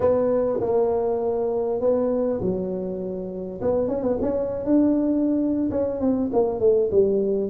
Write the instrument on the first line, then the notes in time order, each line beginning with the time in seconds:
tuba
0.00 B3
0.60 A#3
1.80 B3
2.41 F#3
3.61 B3
3.88 C#4
4.02 B3
4.21 C#4
4.64 D4
5.71 C#4
6.00 C4
6.32 A#3
6.59 A3
6.91 G3